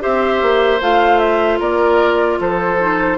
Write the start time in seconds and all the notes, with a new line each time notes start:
0.00 C4 G4 C5 E5
0.42 A#3
0.81 A3 F4 F5
1.19 E5
1.59 A#3 A#4 D5
2.39 F3 A4 C5
2.80 D#4